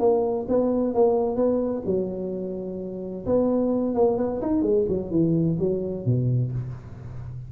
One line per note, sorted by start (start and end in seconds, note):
0.00 0.47 A#3
0.49 0.95 B3
0.95 1.36 A#3
1.36 1.83 B3
1.86 3.26 F#3
3.26 3.95 B3
3.95 4.18 A#3
4.18 4.41 B3
4.42 4.63 D#4
4.63 4.86 G#3
4.89 5.11 F#3
5.11 5.58 E3
5.59 6.06 F#3
6.06 6.52 B2